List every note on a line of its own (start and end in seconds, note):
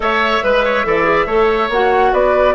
0.00 0.39 A3
0.00 0.42 A4
0.00 0.43 C#5
0.00 1.69 E5
0.43 0.85 G#3
0.43 0.84 B4
0.43 0.64 B4
0.64 0.85 C#5
0.84 1.26 E3
0.84 1.04 A4
0.84 1.26 D5
1.04 1.25 G#4
1.26 1.69 A3
1.26 1.70 A4
1.26 2.11 C#5
1.69 2.11 A#3
1.69 2.54 F#4
1.69 2.13 F#5
2.12 2.54 B3
2.12 2.54 B4
2.12 2.54 D5